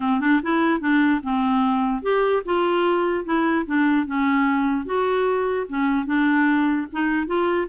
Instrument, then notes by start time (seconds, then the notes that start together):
clarinet
0.00 C4
0.20 D4
0.42 E4
0.80 D4
1.23 C4
2.02 G4
2.45 F4
3.25 E4
3.66 D4
4.06 C#4
4.85 F#4
5.69 C#4
6.06 D4
6.92 D#4
7.26 F4